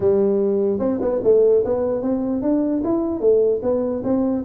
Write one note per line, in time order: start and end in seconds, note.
0.00 0.79 G3
0.79 0.99 C4
1.01 1.21 B3
1.23 1.63 A3
1.64 2.01 B3
2.01 2.42 C4
2.42 2.82 D4
2.84 3.20 E4
3.20 3.60 A3
3.62 4.02 B3
4.04 4.44 C4